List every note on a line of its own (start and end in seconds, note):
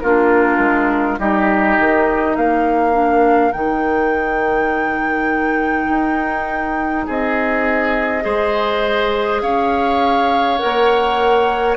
0.00 0.58 A#3
0.00 1.19 D4
0.00 1.19 F4
0.00 1.18 A#4
0.58 1.17 G#3
1.19 1.77 G3
1.19 2.92 D#4
1.19 2.37 G4
1.19 2.36 D#5
1.79 2.36 D#3
2.36 3.53 A#3
2.36 7.06 A#4
2.36 3.52 F5
2.92 3.51 D4
3.52 5.89 D#3
3.52 8.21 D#4
3.52 7.05 G5
5.89 7.06 D#4
7.06 8.25 C4
7.06 8.24 G#4
7.06 9.42 D#5
8.21 9.42 G#3
8.21 10.57 G#4
8.21 9.42 C5
9.42 10.59 C#4
9.42 11.77 C#5
9.42 10.58 F5
10.58 11.77 A#3
10.58 11.76 A#4
10.58 11.75 F#5